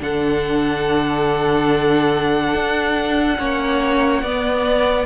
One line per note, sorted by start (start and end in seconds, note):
0.00 2.54 D3
0.00 3.38 D4
0.00 3.39 A4
0.00 5.07 F#5
2.54 3.39 D4
3.39 4.23 A#3
3.39 4.23 C#4
3.39 4.23 C#5
4.23 5.07 B3
4.23 5.07 D5